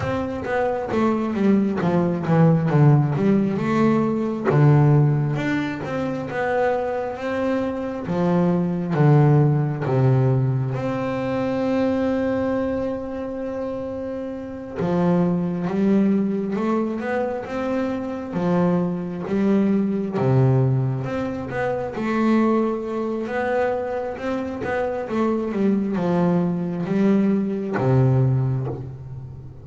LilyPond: \new Staff \with { instrumentName = "double bass" } { \time 4/4 \tempo 4 = 67 c'8 b8 a8 g8 f8 e8 d8 g8 | a4 d4 d'8 c'8 b4 | c'4 f4 d4 c4 | c'1~ |
c'8 f4 g4 a8 b8 c'8~ | c'8 f4 g4 c4 c'8 | b8 a4. b4 c'8 b8 | a8 g8 f4 g4 c4 | }